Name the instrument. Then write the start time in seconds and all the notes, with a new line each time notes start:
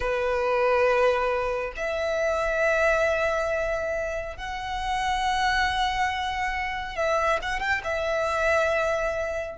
violin
0.00 B4
1.76 E5
4.36 F#5
6.96 E5
7.42 F#5
7.59 G5
7.83 E5